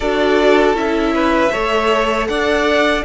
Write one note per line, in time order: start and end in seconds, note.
0.00 0.74 D4
0.00 0.74 F#4
0.00 1.13 A4
0.00 0.75 D5
0.74 1.50 C#4
0.74 1.50 E4
0.74 2.27 E5
1.15 1.51 B4
1.51 2.28 A3
1.51 3.03 A4
1.51 2.27 C#5
2.27 3.04 D4
2.27 3.05 D5
2.27 3.03 F#5